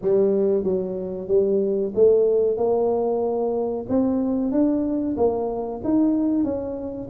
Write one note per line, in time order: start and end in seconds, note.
0.01 0.63 G3
0.63 1.28 F#3
1.28 1.92 G3
1.94 2.57 A3
2.57 3.86 A#3
3.89 4.51 C4
4.51 5.16 D4
5.16 5.81 A#3
5.84 6.43 D#4
6.43 7.08 C#4